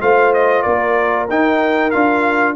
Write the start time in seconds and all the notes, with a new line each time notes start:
0.00 A3 F4 C5 F5
0.33 D#5
0.62 A#3 A#4 D5
1.29 D#4 G5
1.90 D4 F4 F5